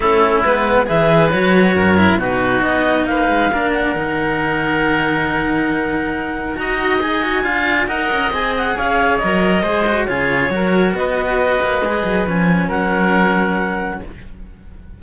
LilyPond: <<
  \new Staff \with { instrumentName = "clarinet" } { \time 4/4 \tempo 4 = 137 a'4 b'4 e''4 cis''4~ | cis''4 b'4 dis''4 f''4~ | f''8 fis''2.~ fis''8~ | fis''2. ais''4 |
gis''2 fis''4 gis''8 fis''8 | f''4 dis''2 cis''4~ | cis''4 dis''2. | gis''4 fis''2. | }
  \new Staff \with { instrumentName = "oboe" } { \time 4/4 e'2 b'2 | ais'4 fis'2 b'4 | ais'1~ | ais'2. dis''4~ |
dis''4 f''4 dis''2 | cis''2 c''4 gis'4 | ais'4 b'2.~ | b'4 ais'2. | }
  \new Staff \with { instrumentName = "cello" } { \time 4/4 cis'4 b4 gis'4 fis'4~ | fis'8 e'8 dis'2. | d'4 dis'2.~ | dis'2. fis'4 |
gis'8 fis'8 f'4 ais'4 gis'4~ | gis'4 ais'4 gis'8 fis'8 f'4 | fis'2. gis'4 | cis'1 | }
  \new Staff \with { instrumentName = "cello" } { \time 4/4 a4 gis4 e4 fis4 | fis,4 b,4 b4 ais8 gis8 | ais4 dis2.~ | dis2. dis'4~ |
dis'4 d'4 dis'8 cis'8 c'4 | cis'4 fis4 gis4 cis4 | fis4 b4. ais8 gis8 fis8 | f4 fis2. | }
>>